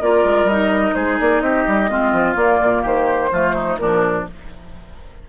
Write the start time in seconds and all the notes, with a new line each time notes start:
0.00 A#3 F4 A#4 D5
0.24 G#3
0.44 G3 D#5
0.51 D#4
0.94 G#3 G#4 C5
1.20 A#3 D5
1.40 C4 G4 D#5
1.67 G3
1.90 G#3 C4 F4
2.12 F3
2.35 A#3 D5
2.61 A#2
2.82 D#3 G4 C5
3.32 F3 A3 F4
3.55 D#4
3.77 A#2 F3 D4 A#4